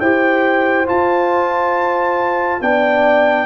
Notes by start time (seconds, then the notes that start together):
0.00 E4 G4 C5 G5
0.87 F4 A5
2.61 B3 D4 D5 G5